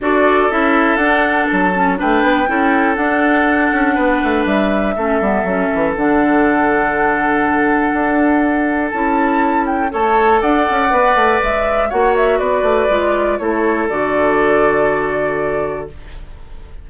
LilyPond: <<
  \new Staff \with { instrumentName = "flute" } { \time 4/4 \tempo 4 = 121 d''4 e''4 fis''4 a''4 | g''2 fis''2~ | fis''4 e''2. | fis''1~ |
fis''2 a''4. g''8 | a''4 fis''2 e''4 | fis''8 e''8 d''2 cis''4 | d''1 | }
  \new Staff \with { instrumentName = "oboe" } { \time 4/4 a'1 | b'4 a'2. | b'2 a'2~ | a'1~ |
a'1 | cis''4 d''2. | cis''4 b'2 a'4~ | a'1 | }
  \new Staff \with { instrumentName = "clarinet" } { \time 4/4 fis'4 e'4 d'4. cis'8 | d'4 e'4 d'2~ | d'2 cis'8 b8 cis'4 | d'1~ |
d'2 e'2 | a'2 b'2 | fis'2 f'4 e'4 | fis'1 | }
  \new Staff \with { instrumentName = "bassoon" } { \time 4/4 d'4 cis'4 d'4 fis4 | a8 b8 cis'4 d'4. cis'8 | b8 a8 g4 a8 g8 fis8 e8 | d1 |
d'2 cis'2 | a4 d'8 cis'8 b8 a8 gis4 | ais4 b8 a8 gis4 a4 | d1 | }
>>